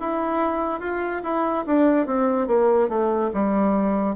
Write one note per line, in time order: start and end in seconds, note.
0.00 0.80 E4
0.80 1.22 F4
1.23 1.65 E4
1.66 2.06 D4
2.06 2.47 C4
2.47 2.89 A#3
2.89 3.31 A3
3.34 4.16 G3